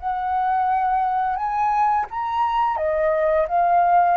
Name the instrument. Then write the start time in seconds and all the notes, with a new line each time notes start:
flute
0.00 F#5
1.36 G#5
2.11 A#5
2.77 D#5
3.48 F5